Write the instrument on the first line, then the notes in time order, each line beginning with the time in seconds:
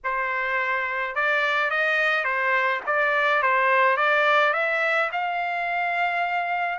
trumpet
0.03 C5
1.15 D5
1.70 D#5
2.24 C5
2.86 D5
3.42 C5
3.96 D5
4.53 E5
5.11 F5